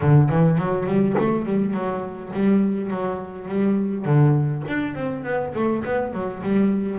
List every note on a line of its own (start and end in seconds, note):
0.01 0.29 D3
0.29 0.57 E3
0.57 0.86 F#3
0.86 1.15 G3
1.18 1.45 A3
1.45 1.73 G3
1.73 2.31 F#3
2.33 2.90 G3
2.90 3.48 F#3
3.48 4.05 G3
4.05 4.63 D3
4.68 4.95 D4
4.95 5.24 C4
5.24 5.53 B3
5.54 5.83 A3
5.84 6.13 B3
6.13 6.42 F#3
6.42 6.98 G3